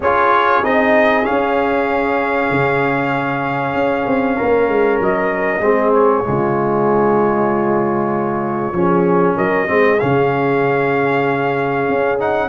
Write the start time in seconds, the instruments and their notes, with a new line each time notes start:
0.00 tuba C#4, trombone F4, horn G#4, trumpet C#5
0.63 tuba C4, trombone D#4, trumpet D#5
1.23 trombone C#4, trumpet F5
1.30 tuba C#4
2.50 tuba C#3
3.74 tuba C#4
4.06 tuba C4
4.36 tuba A#3, horn A#4
4.68 tuba G#3
5.00 tuba F#3, trumpet D#5
5.59 tuba G#3, trombone C4, horn G#4
5.93 trumpet C#5
6.23 tuba C#3, trombone G#3, horn F4
8.72 tuba F3, trombone C#4, horn G#4
9.36 tuba F#3, horn A#4, trumpet D#5
9.67 tuba G#3, trombone C4, horn G#4
9.99 tuba C#3, trombone C#4, trumpet F5
11.88 tuba C#4
12.18 trombone D#4, trumpet F#5